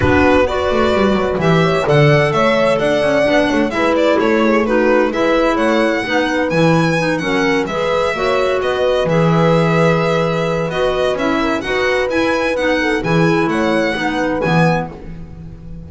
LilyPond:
<<
  \new Staff \with { instrumentName = "violin" } { \time 4/4 \tempo 4 = 129 b'4 d''2 e''4 | fis''4 e''4 fis''2 | e''8 d''8 cis''4 b'4 e''4 | fis''2 gis''4. fis''8~ |
fis''8 e''2 dis''4 e''8~ | e''2. dis''4 | e''4 fis''4 gis''4 fis''4 | gis''4 fis''2 gis''4 | }
  \new Staff \with { instrumentName = "horn" } { \time 4/4 fis'4 b'2~ b'8 cis''8 | d''4 cis''4 d''4. cis''8 | b'4 a'8 gis'8 fis'4 b'4 | cis''4 b'2~ b'8 ais'8~ |
ais'8 b'4 cis''4 b'4.~ | b'1~ | b'8 ais'8 b'2~ b'8 a'8 | gis'4 cis''4 b'2 | }
  \new Staff \with { instrumentName = "clarinet" } { \time 4/4 d'4 fis'2 g'4 | a'2. d'4 | e'2 dis'4 e'4~ | e'4 dis'4 e'4 dis'8 cis'8~ |
cis'8 gis'4 fis'2 gis'8~ | gis'2. fis'4 | e'4 fis'4 e'4 dis'4 | e'2 dis'4 b4 | }
  \new Staff \with { instrumentName = "double bass" } { \time 4/4 b4. a8 g8 fis8 e4 | d4 a4 d'8 cis'8 b8 a8 | gis4 a2 gis4 | a4 b4 e4. fis8~ |
fis8 gis4 ais4 b4 e8~ | e2. b4 | cis'4 dis'4 e'4 b4 | e4 a4 b4 e4 | }
>>